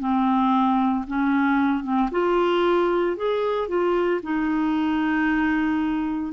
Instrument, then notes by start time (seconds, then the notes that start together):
clarinet
0.00 C4
1.08 C#4
1.83 C4
2.11 F4
3.17 G#4
3.68 F4
4.23 D#4